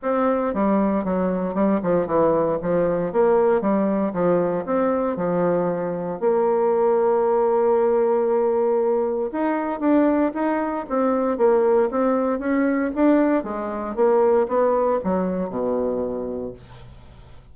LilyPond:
\new Staff \with { instrumentName = "bassoon" } { \time 4/4 \tempo 4 = 116 c'4 g4 fis4 g8 f8 | e4 f4 ais4 g4 | f4 c'4 f2 | ais1~ |
ais2 dis'4 d'4 | dis'4 c'4 ais4 c'4 | cis'4 d'4 gis4 ais4 | b4 fis4 b,2 | }